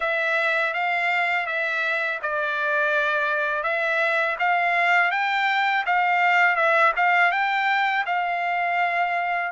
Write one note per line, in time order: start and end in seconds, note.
0.00 0.73 E5
0.73 1.46 F5
1.46 2.19 E5
2.22 3.63 D5
3.63 4.36 E5
4.39 5.11 F5
5.11 5.84 G5
5.85 6.56 F5
6.56 6.92 E5
6.96 7.31 F5
7.31 8.04 G5
8.06 9.51 F5